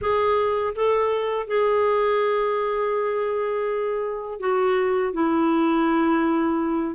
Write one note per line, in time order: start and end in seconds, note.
0.01 0.74 G#4
0.75 1.47 A4
1.47 4.39 G#4
4.40 5.13 F#4
5.13 6.95 E4